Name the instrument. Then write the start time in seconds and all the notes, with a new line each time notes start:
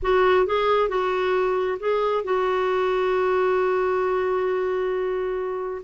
clarinet
0.02 F#4
0.46 G#4
0.88 F#4
1.79 G#4
2.23 F#4